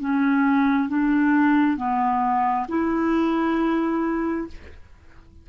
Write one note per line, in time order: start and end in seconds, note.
0.00 0.89 C#4
0.89 1.77 D4
1.77 2.67 B3
2.68 4.47 E4